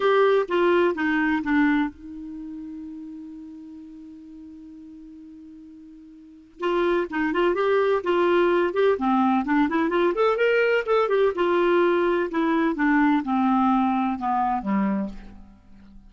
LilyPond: \new Staff \with { instrumentName = "clarinet" } { \time 4/4 \tempo 4 = 127 g'4 f'4 dis'4 d'4 | dis'1~ | dis'1~ | dis'2 f'4 dis'8 f'8 |
g'4 f'4. g'8 c'4 | d'8 e'8 f'8 a'8 ais'4 a'8 g'8 | f'2 e'4 d'4 | c'2 b4 g4 | }